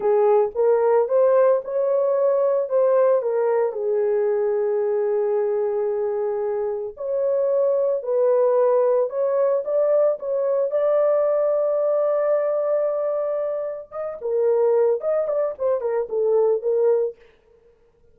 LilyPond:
\new Staff \with { instrumentName = "horn" } { \time 4/4 \tempo 4 = 112 gis'4 ais'4 c''4 cis''4~ | cis''4 c''4 ais'4 gis'4~ | gis'1~ | gis'4 cis''2 b'4~ |
b'4 cis''4 d''4 cis''4 | d''1~ | d''2 dis''8 ais'4. | dis''8 d''8 c''8 ais'8 a'4 ais'4 | }